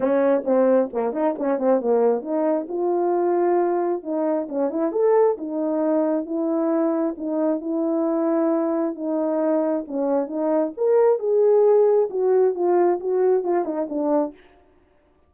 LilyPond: \new Staff \with { instrumentName = "horn" } { \time 4/4 \tempo 4 = 134 cis'4 c'4 ais8 dis'8 cis'8 c'8 | ais4 dis'4 f'2~ | f'4 dis'4 cis'8 e'8 a'4 | dis'2 e'2 |
dis'4 e'2. | dis'2 cis'4 dis'4 | ais'4 gis'2 fis'4 | f'4 fis'4 f'8 dis'8 d'4 | }